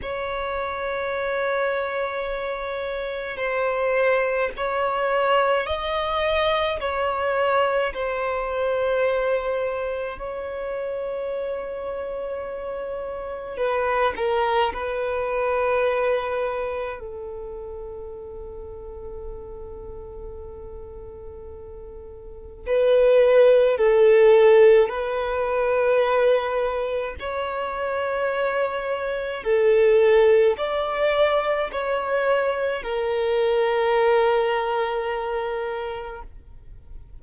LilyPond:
\new Staff \with { instrumentName = "violin" } { \time 4/4 \tempo 4 = 53 cis''2. c''4 | cis''4 dis''4 cis''4 c''4~ | c''4 cis''2. | b'8 ais'8 b'2 a'4~ |
a'1 | b'4 a'4 b'2 | cis''2 a'4 d''4 | cis''4 ais'2. | }